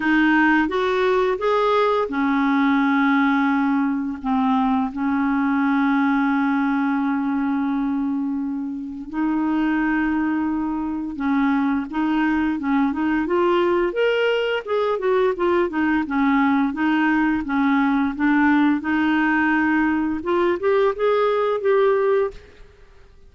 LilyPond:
\new Staff \with { instrumentName = "clarinet" } { \time 4/4 \tempo 4 = 86 dis'4 fis'4 gis'4 cis'4~ | cis'2 c'4 cis'4~ | cis'1~ | cis'4 dis'2. |
cis'4 dis'4 cis'8 dis'8 f'4 | ais'4 gis'8 fis'8 f'8 dis'8 cis'4 | dis'4 cis'4 d'4 dis'4~ | dis'4 f'8 g'8 gis'4 g'4 | }